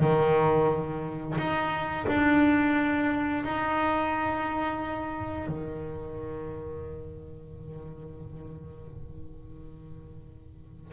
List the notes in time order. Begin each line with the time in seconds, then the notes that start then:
0.00 D#3
1.38 D#4
2.07 D4
3.44 D#4
5.48 D#3